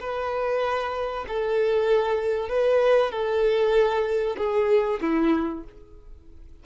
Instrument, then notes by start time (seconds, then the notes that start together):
violin
0.00 B4
1.28 A4
2.49 B4
3.12 A4
4.37 G#4
5.01 E4